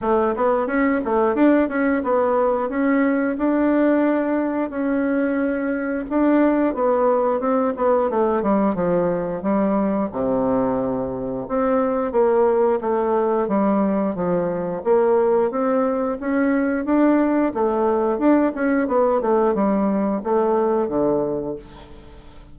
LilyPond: \new Staff \with { instrumentName = "bassoon" } { \time 4/4 \tempo 4 = 89 a8 b8 cis'8 a8 d'8 cis'8 b4 | cis'4 d'2 cis'4~ | cis'4 d'4 b4 c'8 b8 | a8 g8 f4 g4 c4~ |
c4 c'4 ais4 a4 | g4 f4 ais4 c'4 | cis'4 d'4 a4 d'8 cis'8 | b8 a8 g4 a4 d4 | }